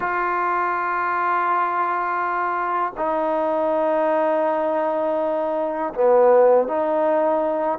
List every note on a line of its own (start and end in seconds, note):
0.00 2.93 F4
2.97 5.93 D#4
5.94 6.67 B3
6.67 7.78 D#4